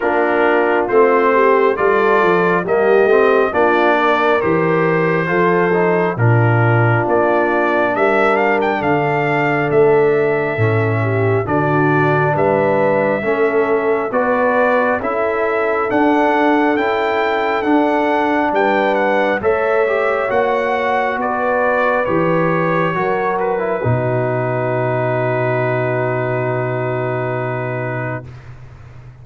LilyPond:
<<
  \new Staff \with { instrumentName = "trumpet" } { \time 4/4 \tempo 4 = 68 ais'4 c''4 d''4 dis''4 | d''4 c''2 ais'4 | d''4 e''8 f''16 g''16 f''4 e''4~ | e''4 d''4 e''2 |
d''4 e''4 fis''4 g''4 | fis''4 g''8 fis''8 e''4 fis''4 | d''4 cis''4. b'4.~ | b'1 | }
  \new Staff \with { instrumentName = "horn" } { \time 4/4 f'4. g'8 a'4 g'4 | f'8 ais'4. a'4 f'4~ | f'4 ais'4 a'2~ | a'8 g'8 fis'4 b'4 a'4 |
b'4 a'2.~ | a'4 b'4 cis''2 | b'2 ais'4 fis'4~ | fis'1 | }
  \new Staff \with { instrumentName = "trombone" } { \time 4/4 d'4 c'4 f'4 ais8 c'8 | d'4 g'4 f'8 dis'8 d'4~ | d'1 | cis'4 d'2 cis'4 |
fis'4 e'4 d'4 e'4 | d'2 a'8 g'8 fis'4~ | fis'4 g'4 fis'8. e'16 dis'4~ | dis'1 | }
  \new Staff \with { instrumentName = "tuba" } { \time 4/4 ais4 a4 g8 f8 g8 a8 | ais4 e4 f4 ais,4 | ais4 g4 d4 a4 | a,4 d4 g4 a4 |
b4 cis'4 d'4 cis'4 | d'4 g4 a4 ais4 | b4 e4 fis4 b,4~ | b,1 | }
>>